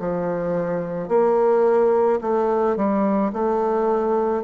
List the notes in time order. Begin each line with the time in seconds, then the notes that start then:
0.00 F3
1.09 A#3
2.22 A3
2.77 G3
3.33 A3